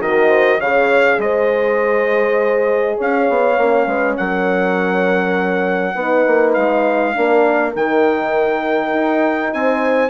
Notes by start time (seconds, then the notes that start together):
0.00 D#3 F#4 A#4 D#5
0.28 C5
0.59 C#3 G#4 C#5 F5
1.18 G#3 C5 D#5
2.97 C#4 C#5 F5
3.29 B3
3.57 A#3 C#4
3.86 G#3 B4
4.16 F#3 A#4 F#5
5.94 B3 D#4 B4
6.27 A#3
6.53 G#3 F5
7.13 A#3 D4 A#4
7.74 D#3 D#4 G5
8.93 D#4
9.53 C4 C5 G#5